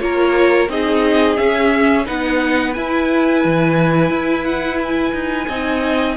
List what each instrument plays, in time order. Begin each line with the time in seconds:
0.00 cello A#3, viola F4, violin A#4 C#5
0.69 cello C4, viola D#4, violin G#4 D#5
1.37 viola C#4, cello C#4, violin E5
2.06 cello B3, viola D#4, violin B4 F#5
2.74 viola E4, cello E4, violin G#5
3.45 cello E3
4.10 cello E4
4.44 violin F#5
4.83 violin G#5
5.13 cello D#4
5.49 cello C4, viola D#4, violin D#5